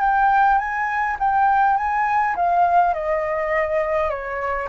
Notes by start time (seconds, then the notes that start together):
0.00 G5
0.58 G#5
1.19 G5
1.77 G#5
2.36 F5
2.94 D#5
4.10 C#5